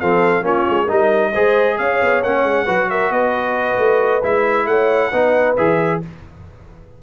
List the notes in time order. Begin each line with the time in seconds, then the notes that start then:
0.00 F3 C4 A4 F5
0.42 A#3 C#4 F4 C#5
0.69 G#3
0.85 G3 D#4 A#4
0.92 D#5
1.32 G#3 G#4 C5
1.78 C#4 C#5 F5
2.02 B3
2.22 A#3 C#4 F#5
2.43 G#3
2.65 F#3 F#4 B4
2.90 A#4 E5
3.10 B3 B4 D#5
3.78 A3
4.23 G#3 E4 E5
4.66 A3 C#5 F#5
5.11 B3 D#4 B4
5.56 E3 G#4 E5